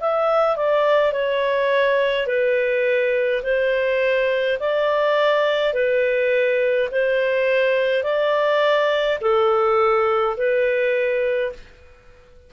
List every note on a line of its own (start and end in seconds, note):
0.00 0.56 E5
0.56 1.13 D5
1.13 2.27 C#5
2.27 3.42 B4
3.43 4.58 C5
4.59 5.74 D5
5.74 6.89 B4
6.91 8.03 C5
8.03 9.19 D5
9.21 10.36 A4
10.37 11.52 B4